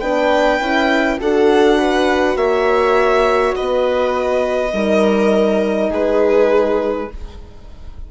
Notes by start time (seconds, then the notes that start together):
0.00 B3 D4 B4 G5
0.59 C#4 E4
1.18 D4 F#4 A4 F#5
1.78 B4
2.36 A#3 C#5 E5
3.55 B3 B4 D#5
4.72 G3 D#4 A#4
5.90 G#3 G#4 B4